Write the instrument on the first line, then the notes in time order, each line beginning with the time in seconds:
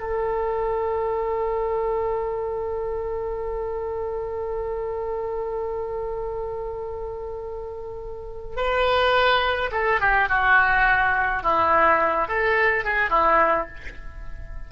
oboe
0.00 A4
8.56 B4
9.72 A4
10.01 G4
10.29 F#4
11.43 E4
12.28 A4
12.85 G#4
13.10 E4